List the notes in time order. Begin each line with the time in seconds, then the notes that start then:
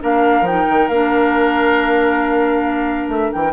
0.00 A#3 D4 A#4 F5
0.41 F3 D#4 G5
0.69 D#3
0.88 A#3 D4 F5
3.08 A3 E5
3.32 E3 G5